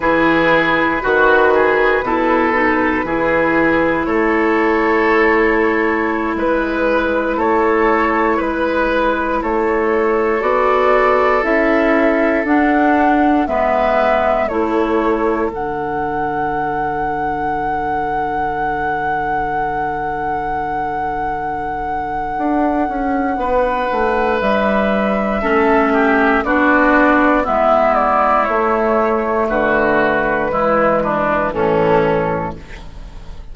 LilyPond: <<
  \new Staff \with { instrumentName = "flute" } { \time 4/4 \tempo 4 = 59 b'1 | cis''2~ cis''16 b'4 cis''8.~ | cis''16 b'4 cis''4 d''4 e''8.~ | e''16 fis''4 e''4 cis''4 fis''8.~ |
fis''1~ | fis''1 | e''2 d''4 e''8 d''8 | cis''4 b'2 a'4 | }
  \new Staff \with { instrumentName = "oboe" } { \time 4/4 gis'4 fis'8 gis'8 a'4 gis'4 | a'2~ a'16 b'4 a'8.~ | a'16 b'4 a'2~ a'8.~ | a'4~ a'16 b'4 a'4.~ a'16~ |
a'1~ | a'2. b'4~ | b'4 a'8 g'8 fis'4 e'4~ | e'4 fis'4 e'8 d'8 cis'4 | }
  \new Staff \with { instrumentName = "clarinet" } { \time 4/4 e'4 fis'4 e'8 dis'8 e'4~ | e'1~ | e'2~ e'16 fis'4 e'8.~ | e'16 d'4 b4 e'4 d'8.~ |
d'1~ | d'1~ | d'4 cis'4 d'4 b4 | a2 gis4 e4 | }
  \new Staff \with { instrumentName = "bassoon" } { \time 4/4 e4 dis4 b,4 e4 | a2~ a16 gis4 a8.~ | a16 gis4 a4 b4 cis'8.~ | cis'16 d'4 gis4 a4 d8.~ |
d1~ | d2 d'8 cis'8 b8 a8 | g4 a4 b4 gis4 | a4 d4 e4 a,4 | }
>>